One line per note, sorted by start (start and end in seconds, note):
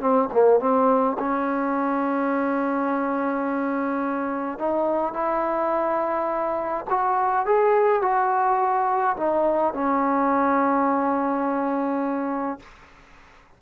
0.00 0.29 C4
0.32 0.60 A#3
0.60 1.17 C4
1.19 4.58 C#4
4.58 5.13 D#4
5.13 6.85 E4
6.90 7.45 F#4
7.45 8.02 G#4
8.02 9.16 F#4
9.17 9.74 D#4
9.74 12.59 C#4